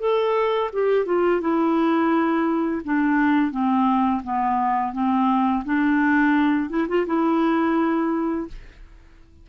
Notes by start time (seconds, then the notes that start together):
0.00 A4
0.73 G4
1.06 F4
1.41 E4
2.85 D4
3.51 C4
4.24 B3
4.93 C4
5.65 D4
6.70 E4
6.89 F4
7.07 E4